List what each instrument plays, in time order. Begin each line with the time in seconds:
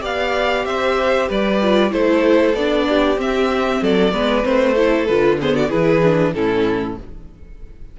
0.00 cello B3, viola G4, violin D5 F5
0.65 cello C4, violin C5 E5
1.28 cello G3, violin B4 D5
1.62 viola F4
1.90 cello A3, viola E4, violin A4 C5
2.54 cello B3, viola D4, violin D5
2.89 violin G4
3.16 viola C4, cello C4, violin E5
3.82 cello F#3, violin A4 D5
4.12 cello G#3, viola B3, violin B4
4.43 cello A3, viola C4, violin C5
4.74 viola E4, violin A4
5.06 cello D3, viola F4, violin B4
5.40 viola B3, violin G#4 C5
5.55 violin F#4 D5
5.69 cello E3, viola E4, violin G#4 B4
6.03 viola D4
6.34 cello A2, viola C#4, violin E4 A4